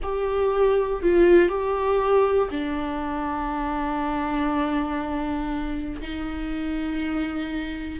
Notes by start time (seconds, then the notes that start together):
0.02 G4
1.02 F4
1.48 G4
2.50 D4
6.01 D#4